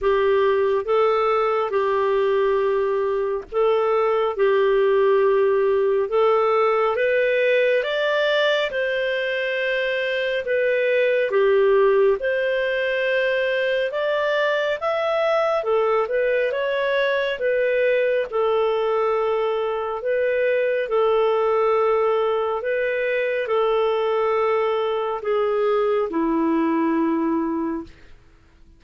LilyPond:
\new Staff \with { instrumentName = "clarinet" } { \time 4/4 \tempo 4 = 69 g'4 a'4 g'2 | a'4 g'2 a'4 | b'4 d''4 c''2 | b'4 g'4 c''2 |
d''4 e''4 a'8 b'8 cis''4 | b'4 a'2 b'4 | a'2 b'4 a'4~ | a'4 gis'4 e'2 | }